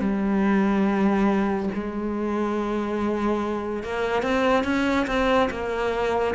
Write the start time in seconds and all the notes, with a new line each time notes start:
0.00 G3
1.74 G#3
3.83 A#3
4.23 C4
4.64 C#4
5.07 C4
5.50 A#3